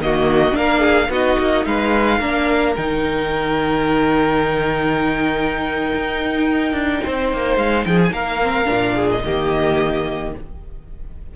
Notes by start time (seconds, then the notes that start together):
0.00 D#3 A#3 F#4 D#5
0.52 A#3 D4 A#4 F5
0.79 G#4
1.09 B3 D#4 F#4 D#5
1.39 A#3
1.65 G#3 B4 F5
2.19 A#3 D4 A#4
2.76 D#3 D#4 G5
5.94 D#4
6.73 D4
7.04 C4 C5
7.32 A#3
7.57 G#3 F5
7.85 F3 G#4 G5
8.03 G#5
8.11 A#3 A#4 F5
8.42 C4
8.64 A#2 D4
8.95 G#4
9.10 D#5
9.24 D#3 A#3 G4